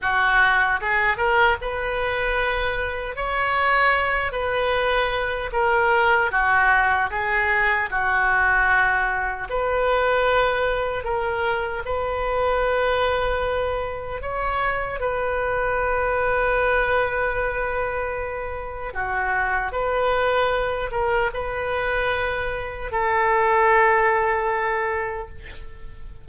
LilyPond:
\new Staff \with { instrumentName = "oboe" } { \time 4/4 \tempo 4 = 76 fis'4 gis'8 ais'8 b'2 | cis''4. b'4. ais'4 | fis'4 gis'4 fis'2 | b'2 ais'4 b'4~ |
b'2 cis''4 b'4~ | b'1 | fis'4 b'4. ais'8 b'4~ | b'4 a'2. | }